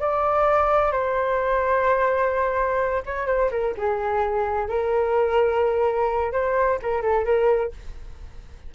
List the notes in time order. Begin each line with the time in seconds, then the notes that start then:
0.00 D5
0.92 C5
3.06 C#5
3.27 C5
3.51 A#4
3.78 G#4
4.69 A#4
6.32 C5
6.83 A#4
7.02 A4
7.25 A#4